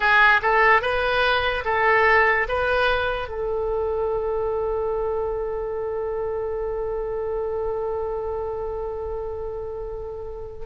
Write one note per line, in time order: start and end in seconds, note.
0.00 0.40 G#4
0.41 0.81 A4
0.81 1.64 B4
1.64 2.47 A4
2.48 3.28 B4
3.28 10.66 A4